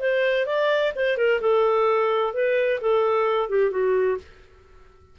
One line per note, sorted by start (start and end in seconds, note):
0.00 0.47 C5
0.47 0.93 D5
0.96 1.18 C5
1.18 1.41 A#4
1.41 2.34 A4
2.34 2.80 B4
2.81 3.49 A4
3.49 3.71 G4
3.71 4.18 F#4